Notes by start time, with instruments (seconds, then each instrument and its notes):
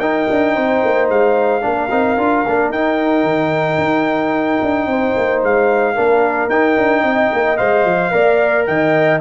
0.00 tuba D#4, trombone D#4, horn A#4, trumpet G5
0.31 tuba D4
0.56 tuba C4, horn C5
0.85 tuba A#3
1.09 tuba G#3, trumpet F5
1.62 tuba A#3, trombone D4, horn A#4
1.91 tuba C4, trombone D#4
2.18 tuba D4, trombone F4
2.47 tuba A#3, trombone D4
2.70 tuba D#4, trombone D#4, trumpet G5
3.23 tuba D#3
3.78 tuba D#4
4.62 tuba D4
4.86 tuba C4, horn C5
5.17 tuba A#3
5.43 tuba G#3, trumpet F5
5.95 tuba A#3, trombone D4, horn A#4
6.50 tuba D#4, trombone D#4, trumpet G5
6.77 tuba D4
7.01 tuba C4, horn D#5
7.33 tuba A#3
7.57 tuba G#3, trombone C5, trumpet F5
7.85 tuba F3
8.11 tuba A#3, trombone A#4, horn D5
8.66 tuba D#3, horn D#5, trumpet G5